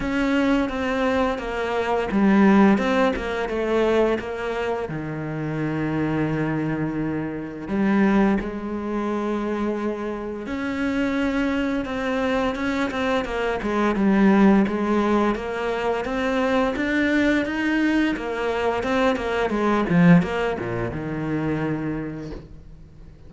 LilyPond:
\new Staff \with { instrumentName = "cello" } { \time 4/4 \tempo 4 = 86 cis'4 c'4 ais4 g4 | c'8 ais8 a4 ais4 dis4~ | dis2. g4 | gis2. cis'4~ |
cis'4 c'4 cis'8 c'8 ais8 gis8 | g4 gis4 ais4 c'4 | d'4 dis'4 ais4 c'8 ais8 | gis8 f8 ais8 ais,8 dis2 | }